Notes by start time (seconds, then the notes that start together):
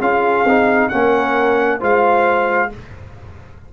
0.00 C#4 F4 G#4 F5
0.45 C4 D#4
0.89 A#3 C#4 A#4 F#5
1.80 G#3 F4 C5 F5